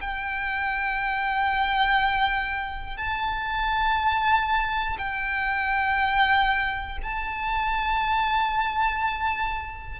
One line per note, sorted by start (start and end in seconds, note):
0.00 2.96 G5
2.96 4.97 A5
4.98 6.98 G5
7.02 10.00 A5